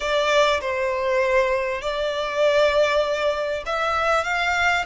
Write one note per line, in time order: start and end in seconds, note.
0.00 0.60 D5
0.61 1.81 C5
1.81 3.63 D5
3.66 4.24 E5
4.24 4.84 F5